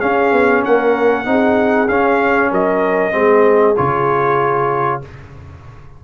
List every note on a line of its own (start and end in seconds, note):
0.00 1.25 C#4
0.00 0.32 C#4
0.00 0.63 G#4
0.00 0.62 F5
0.32 0.63 B3
0.63 1.26 A#3
0.63 1.26 A#4
0.63 1.88 F#5
1.25 1.88 C4
1.25 1.87 D#4
1.25 2.50 G#4
1.88 2.51 C#4
1.88 3.11 C#4
1.88 2.51 F5
2.50 3.14 F#3
2.50 3.13 A#4
2.50 3.76 D#5
3.11 3.77 G#3
3.11 3.74 C4
3.11 5.01 G#4
3.76 5.04 C#3
3.76 5.01 F4
3.76 5.01 C#5